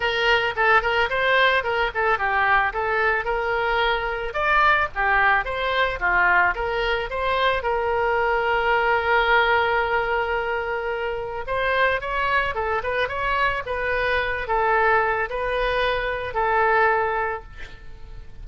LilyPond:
\new Staff \with { instrumentName = "oboe" } { \time 4/4 \tempo 4 = 110 ais'4 a'8 ais'8 c''4 ais'8 a'8 | g'4 a'4 ais'2 | d''4 g'4 c''4 f'4 | ais'4 c''4 ais'2~ |
ais'1~ | ais'4 c''4 cis''4 a'8 b'8 | cis''4 b'4. a'4. | b'2 a'2 | }